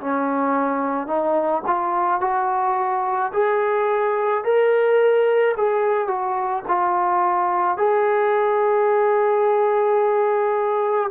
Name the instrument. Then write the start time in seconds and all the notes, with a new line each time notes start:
trombone
0.00 C#4
1.07 D#4
1.66 F4
2.21 F#4
3.33 G#4
4.44 A#4
5.57 G#4
6.07 F#4
6.68 F4
7.77 G#4